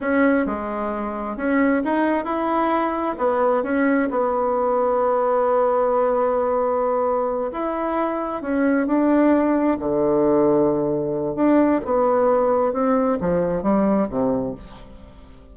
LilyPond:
\new Staff \with { instrumentName = "bassoon" } { \time 4/4 \tempo 4 = 132 cis'4 gis2 cis'4 | dis'4 e'2 b4 | cis'4 b2.~ | b1~ |
b8 e'2 cis'4 d'8~ | d'4. d2~ d8~ | d4 d'4 b2 | c'4 f4 g4 c4 | }